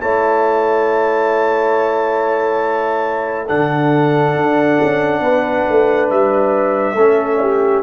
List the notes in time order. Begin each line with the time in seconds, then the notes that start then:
0.00 A3 E4 C#5 A5
3.45 D3 D4 A4 F#5
4.35 D4
4.82 C#4
5.20 B3 B4
5.69 A3
6.10 G3 E5
6.95 A3 C#4 A4
7.41 G4